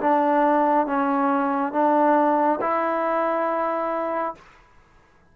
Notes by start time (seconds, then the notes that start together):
0.00 D4
0.87 C#4
1.73 D4
2.61 E4